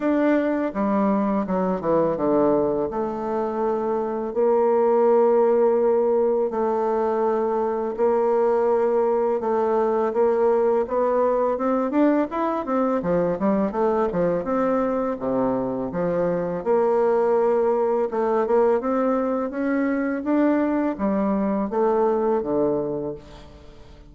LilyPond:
\new Staff \with { instrumentName = "bassoon" } { \time 4/4 \tempo 4 = 83 d'4 g4 fis8 e8 d4 | a2 ais2~ | ais4 a2 ais4~ | ais4 a4 ais4 b4 |
c'8 d'8 e'8 c'8 f8 g8 a8 f8 | c'4 c4 f4 ais4~ | ais4 a8 ais8 c'4 cis'4 | d'4 g4 a4 d4 | }